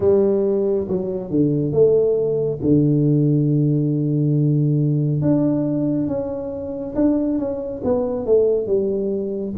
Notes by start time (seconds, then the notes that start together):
0.00 G3
0.88 F#3
1.30 D3
1.72 A3
2.61 D3
5.21 D4
6.07 C#4
6.95 D4
7.38 C#4
7.84 B3
8.26 A3
8.66 G3